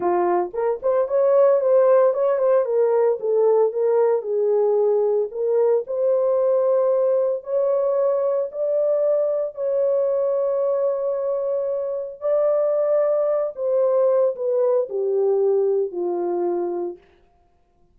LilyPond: \new Staff \with { instrumentName = "horn" } { \time 4/4 \tempo 4 = 113 f'4 ais'8 c''8 cis''4 c''4 | cis''8 c''8 ais'4 a'4 ais'4 | gis'2 ais'4 c''4~ | c''2 cis''2 |
d''2 cis''2~ | cis''2. d''4~ | d''4. c''4. b'4 | g'2 f'2 | }